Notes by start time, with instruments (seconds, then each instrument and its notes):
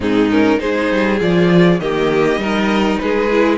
0.00 cello G#2, viola C4, violin D#4 G#4
0.30 viola C#4, violin A#4
0.58 cello G#3, viola D#4, violin G#4 C5
0.91 cello G3
1.19 cello F3, viola F4, violin D5
1.79 cello D#3, viola A#3, violin G4 D#5
2.36 cello G3, viola D#4, violin A#4
2.98 cello G#3, violin G#4 B4
3.31 viola E4